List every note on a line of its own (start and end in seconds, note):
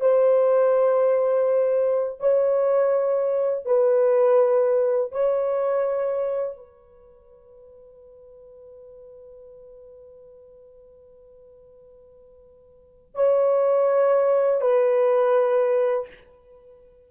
0.00 2.20 C5
2.20 3.65 C#5
3.65 5.11 B4
5.12 6.56 C#5
6.56 13.14 B4
13.14 14.61 C#5
14.61 16.07 B4